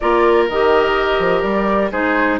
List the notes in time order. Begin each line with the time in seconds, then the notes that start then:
0.00 A#3 F4 A#4 D5
0.48 D#3 G4 D#5
1.19 F3
1.42 G3 D5
1.91 G#3 D#4 G#4 C5